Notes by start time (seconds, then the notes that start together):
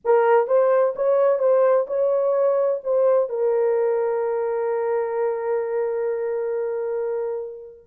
0.04 A#4
0.47 C5
0.95 C#5
1.38 C5
1.87 C#5
2.83 C5
3.29 A#4